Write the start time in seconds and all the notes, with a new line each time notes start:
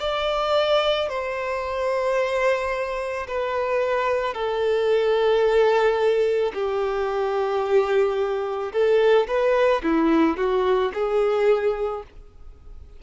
0.00 D5
1.09 C5
3.28 B4
4.34 A4
6.54 G4
8.73 A4
9.28 B4
9.83 E4
10.37 F#4
10.94 G#4